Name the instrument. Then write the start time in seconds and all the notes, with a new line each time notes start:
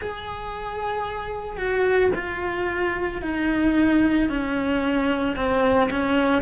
cello
0.00 G#4
1.57 F#4
2.14 F4
3.21 D#4
4.29 C#4
5.36 C4
5.90 C#4